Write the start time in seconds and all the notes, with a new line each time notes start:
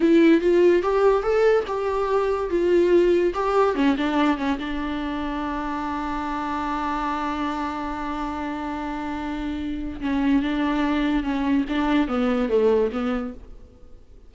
0.00 E4
0.40 F4
0.82 G4
1.22 A4
1.67 G4
2.50 F4
3.33 G4
3.75 C#4
3.97 D4
4.37 C#4
4.58 D4
10.00 C#4
10.42 D4
11.23 C#4
11.69 D4
12.08 B3
12.49 A3
12.91 B3